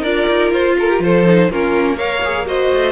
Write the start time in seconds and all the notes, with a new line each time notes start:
0.00 D4 F4 A#4 D5
0.28 D#4
0.51 F4 C5
0.78 A4 A#4
0.89 G4
0.99 F3 A4 C5
1.25 D#4
1.50 A#3 C#4 F4 A#4
1.96 A#4 C#5 F5
2.23 G#4
2.46 F#4 C5 D#5
2.74 A3